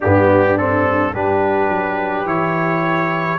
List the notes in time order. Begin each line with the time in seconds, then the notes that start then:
0.00 G2 B3 D4 G4
0.57 C4 A4
1.13 G3 D4 G4 B4
1.69 F#3
2.25 E3 E4 C#5